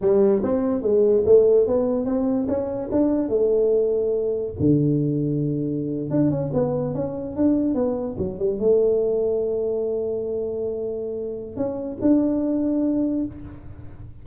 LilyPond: \new Staff \with { instrumentName = "tuba" } { \time 4/4 \tempo 4 = 145 g4 c'4 gis4 a4 | b4 c'4 cis'4 d'4 | a2. d4~ | d2~ d8. d'8 cis'8 b16~ |
b8. cis'4 d'4 b4 fis16~ | fis16 g8 a2.~ a16~ | a1 | cis'4 d'2. | }